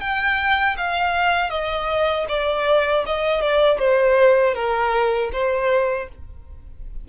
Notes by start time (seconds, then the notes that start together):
0.00 G5
0.77 F5
1.50 D#5
2.29 D5
3.06 D#5
3.41 D5
3.79 C5
4.54 A#4
5.32 C5